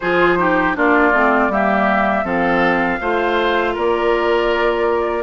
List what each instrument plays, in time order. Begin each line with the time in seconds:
0.00 bassoon F3, clarinet F4, oboe G#4, flute C5
0.38 clarinet D#4, oboe G4
0.74 bassoon A#3, clarinet D4, oboe F4, flute D5
1.12 bassoon A3, clarinet C4
1.48 bassoon G3, clarinet A#3, oboe G4, flute E5
2.24 bassoon F3, clarinet C4, oboe A4, flute F5
3.00 bassoon A3, clarinet F4, oboe C5
3.73 bassoon A#3, oboe A#4, flute D5